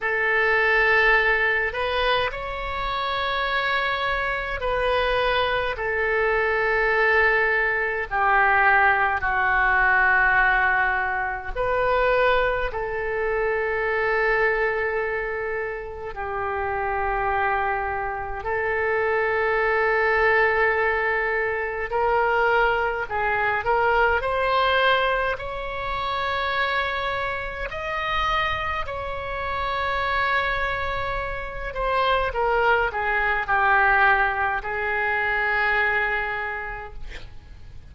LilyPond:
\new Staff \with { instrumentName = "oboe" } { \time 4/4 \tempo 4 = 52 a'4. b'8 cis''2 | b'4 a'2 g'4 | fis'2 b'4 a'4~ | a'2 g'2 |
a'2. ais'4 | gis'8 ais'8 c''4 cis''2 | dis''4 cis''2~ cis''8 c''8 | ais'8 gis'8 g'4 gis'2 | }